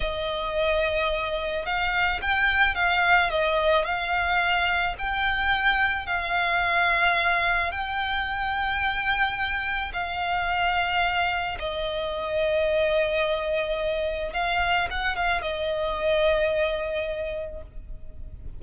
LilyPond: \new Staff \with { instrumentName = "violin" } { \time 4/4 \tempo 4 = 109 dis''2. f''4 | g''4 f''4 dis''4 f''4~ | f''4 g''2 f''4~ | f''2 g''2~ |
g''2 f''2~ | f''4 dis''2.~ | dis''2 f''4 fis''8 f''8 | dis''1 | }